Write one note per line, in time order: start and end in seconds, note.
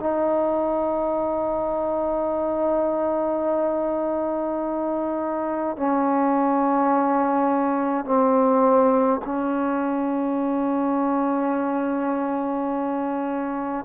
0.00 5.77 D#4
5.77 8.05 C#4
8.05 9.20 C4
9.25 13.85 C#4